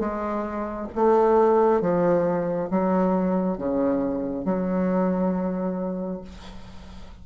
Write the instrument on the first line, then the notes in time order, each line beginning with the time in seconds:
bassoon
0.00 G#3
0.95 A3
1.82 F3
2.71 F#3
3.58 C#3
4.45 F#3